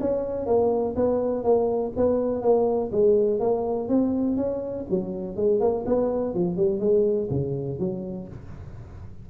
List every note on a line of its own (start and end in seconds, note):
0.00 0.46 C#4
0.46 0.95 A#3
0.96 1.44 B3
1.44 1.92 A#3
1.97 2.42 B3
2.42 2.90 A#3
2.92 3.40 G#3
3.40 3.88 A#3
3.88 4.37 C4
4.37 4.85 C#4
4.90 5.36 F#3
5.36 5.60 G#3
5.60 5.85 A#3
5.86 6.34 B3
6.34 6.57 F3
6.57 6.80 G3
6.80 7.29 G#3
7.30 7.79 C#3
7.79 8.28 F#3